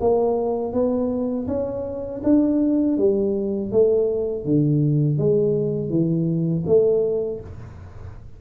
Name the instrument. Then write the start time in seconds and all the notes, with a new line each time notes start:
tuba
0.00 A#3
0.72 B3
1.47 C#4
2.23 D4
2.97 G3
3.71 A3
4.44 D3
5.18 G#3
5.89 E3
6.66 A3